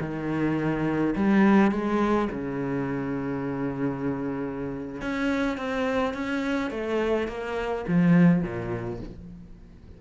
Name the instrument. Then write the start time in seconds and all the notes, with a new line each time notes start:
cello
0.00 D#3
1.16 G3
1.71 G#3
2.31 C#3
5.01 C#4
5.57 C4
6.14 C#4
6.70 A3
7.28 A#3
7.88 F3
8.42 A#2